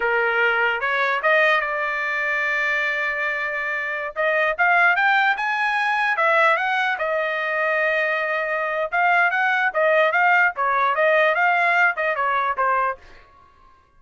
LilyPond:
\new Staff \with { instrumentName = "trumpet" } { \time 4/4 \tempo 4 = 148 ais'2 cis''4 dis''4 | d''1~ | d''2~ d''16 dis''4 f''8.~ | f''16 g''4 gis''2 e''8.~ |
e''16 fis''4 dis''2~ dis''8.~ | dis''2 f''4 fis''4 | dis''4 f''4 cis''4 dis''4 | f''4. dis''8 cis''4 c''4 | }